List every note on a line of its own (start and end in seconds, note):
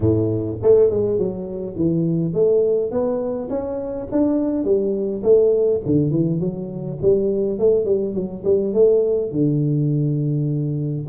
0.00 0.57 A2
0.62 0.90 A3
0.90 1.18 G#3
1.18 1.75 F#3
1.75 2.33 E3
2.33 2.91 A3
2.91 3.49 B3
3.49 4.07 C#4
4.11 4.64 D4
4.64 5.22 G3
5.23 5.81 A3
5.85 6.10 D3
6.10 6.39 E3
6.40 6.98 F#3
7.02 7.58 G3
7.58 7.85 A3
7.85 8.14 G3
8.14 8.43 F#3
8.44 8.73 G3
8.73 9.31 A3
9.31 11.06 D3